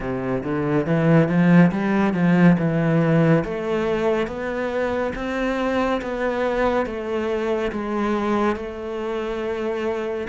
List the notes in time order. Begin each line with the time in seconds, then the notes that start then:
0.00 C3
0.43 D3
0.86 E3
1.28 F3
1.71 G3
2.14 F3
2.58 E3
3.44 A3
4.27 B3
5.15 C4
6.01 B3
6.86 A3
7.72 G#3
8.56 A3